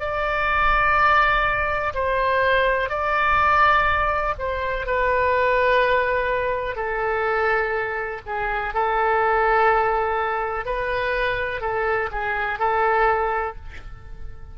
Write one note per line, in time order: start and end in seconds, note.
0.00 1.94 D5
1.94 2.89 C5
2.89 4.34 D5
4.39 4.86 C5
4.86 6.76 B4
6.76 8.21 A4
8.26 8.74 G#4
8.74 10.65 A4
10.65 11.61 B4
11.61 12.09 A4
12.11 12.59 G#4
12.59 13.56 A4